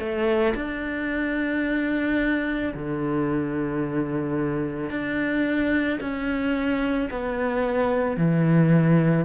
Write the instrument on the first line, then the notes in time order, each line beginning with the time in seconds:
cello
0.00 A3
0.56 D4
2.75 D3
4.90 D4
6.00 C#4
7.11 B3
8.17 E3